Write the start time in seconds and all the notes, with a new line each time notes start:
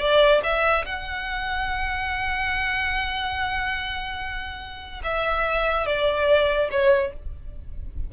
0.00 D5
0.44 E5
0.86 F#5
5.04 E5
5.87 D5
6.71 C#5